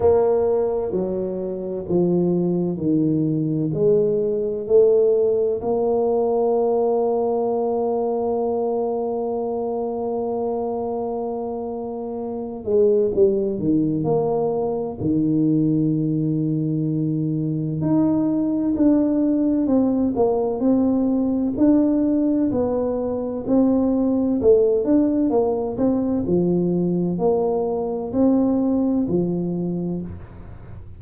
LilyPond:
\new Staff \with { instrumentName = "tuba" } { \time 4/4 \tempo 4 = 64 ais4 fis4 f4 dis4 | gis4 a4 ais2~ | ais1~ | ais4. gis8 g8 dis8 ais4 |
dis2. dis'4 | d'4 c'8 ais8 c'4 d'4 | b4 c'4 a8 d'8 ais8 c'8 | f4 ais4 c'4 f4 | }